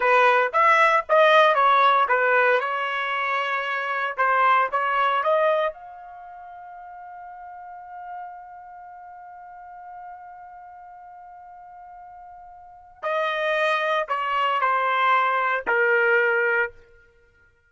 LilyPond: \new Staff \with { instrumentName = "trumpet" } { \time 4/4 \tempo 4 = 115 b'4 e''4 dis''4 cis''4 | b'4 cis''2. | c''4 cis''4 dis''4 f''4~ | f''1~ |
f''1~ | f''1~ | f''4 dis''2 cis''4 | c''2 ais'2 | }